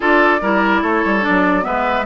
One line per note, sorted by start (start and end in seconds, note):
0.00 0.41 D4
0.00 0.40 F4
0.00 0.40 A4
0.00 0.83 D5
0.41 0.82 G3
0.41 1.21 E4
0.41 0.81 A#4
0.81 1.03 A3
0.81 1.64 A4
0.81 1.24 C#5
1.04 1.25 G3
1.21 1.62 D4
1.21 1.64 D5
1.28 1.65 F#3
1.62 2.06 G#3
1.62 2.03 B3
1.62 2.06 B4
1.62 2.06 E5